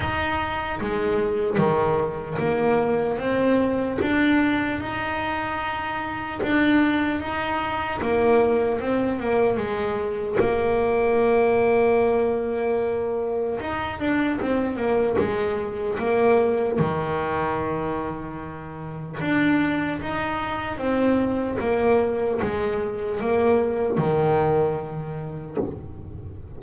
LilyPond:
\new Staff \with { instrumentName = "double bass" } { \time 4/4 \tempo 4 = 75 dis'4 gis4 dis4 ais4 | c'4 d'4 dis'2 | d'4 dis'4 ais4 c'8 ais8 | gis4 ais2.~ |
ais4 dis'8 d'8 c'8 ais8 gis4 | ais4 dis2. | d'4 dis'4 c'4 ais4 | gis4 ais4 dis2 | }